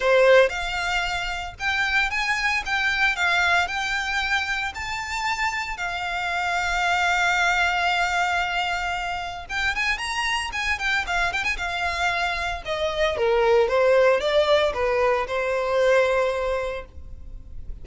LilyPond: \new Staff \with { instrumentName = "violin" } { \time 4/4 \tempo 4 = 114 c''4 f''2 g''4 | gis''4 g''4 f''4 g''4~ | g''4 a''2 f''4~ | f''1~ |
f''2 g''8 gis''8 ais''4 | gis''8 g''8 f''8 g''16 gis''16 f''2 | dis''4 ais'4 c''4 d''4 | b'4 c''2. | }